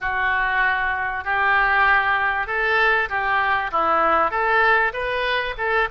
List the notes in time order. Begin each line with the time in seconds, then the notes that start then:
0.00 F#4
1.24 G4
2.46 A4
3.09 G4
3.71 E4
4.30 A4
4.93 B4
5.57 A4